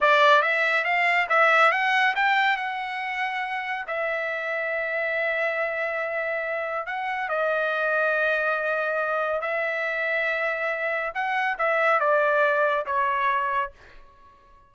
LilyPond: \new Staff \with { instrumentName = "trumpet" } { \time 4/4 \tempo 4 = 140 d''4 e''4 f''4 e''4 | fis''4 g''4 fis''2~ | fis''4 e''2.~ | e''1 |
fis''4 dis''2.~ | dis''2 e''2~ | e''2 fis''4 e''4 | d''2 cis''2 | }